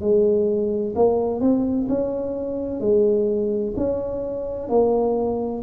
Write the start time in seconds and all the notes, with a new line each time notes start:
0.00 G#3
0.95 A#3
1.40 C4
1.88 C#4
2.80 G#3
3.76 C#4
4.69 A#3